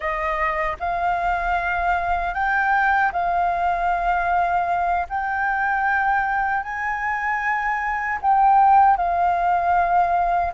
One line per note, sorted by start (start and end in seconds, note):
0.00 0.76 D#5
0.79 2.33 F5
2.33 3.11 G5
3.12 5.07 F5
5.09 6.62 G5
6.62 8.18 G#5
8.21 8.96 G5
8.96 10.52 F5